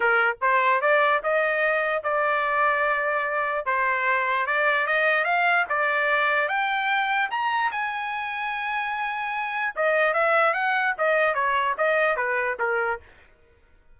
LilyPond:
\new Staff \with { instrumentName = "trumpet" } { \time 4/4 \tempo 4 = 148 ais'4 c''4 d''4 dis''4~ | dis''4 d''2.~ | d''4 c''2 d''4 | dis''4 f''4 d''2 |
g''2 ais''4 gis''4~ | gis''1 | dis''4 e''4 fis''4 dis''4 | cis''4 dis''4 b'4 ais'4 | }